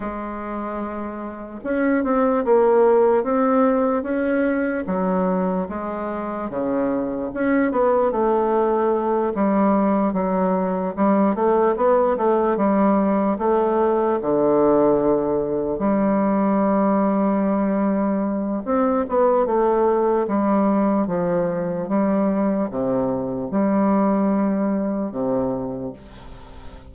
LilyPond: \new Staff \with { instrumentName = "bassoon" } { \time 4/4 \tempo 4 = 74 gis2 cis'8 c'8 ais4 | c'4 cis'4 fis4 gis4 | cis4 cis'8 b8 a4. g8~ | g8 fis4 g8 a8 b8 a8 g8~ |
g8 a4 d2 g8~ | g2. c'8 b8 | a4 g4 f4 g4 | c4 g2 c4 | }